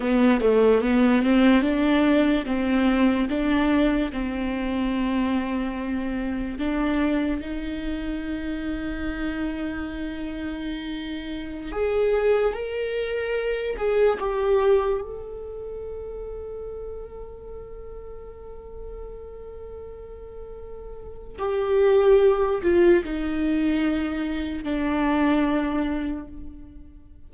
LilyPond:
\new Staff \with { instrumentName = "viola" } { \time 4/4 \tempo 4 = 73 b8 a8 b8 c'8 d'4 c'4 | d'4 c'2. | d'4 dis'2.~ | dis'2~ dis'16 gis'4 ais'8.~ |
ais'8. gis'8 g'4 a'4.~ a'16~ | a'1~ | a'2 g'4. f'8 | dis'2 d'2 | }